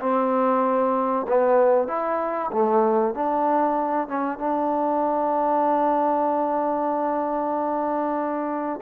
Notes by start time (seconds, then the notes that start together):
0.00 C4
1.28 B3
1.87 E4
2.51 A3
3.14 D4
4.08 C#4
4.38 D4